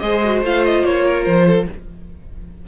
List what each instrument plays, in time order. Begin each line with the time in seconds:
0.00 cello G#3, viola G#4, violin C5 D#5
0.25 viola F#4
0.42 cello A3, viola F4, violin F5
0.65 violin D#5
0.85 cello A#3, violin C#5
1.05 violin A#4
1.24 cello F3, violin C5
1.47 violin A4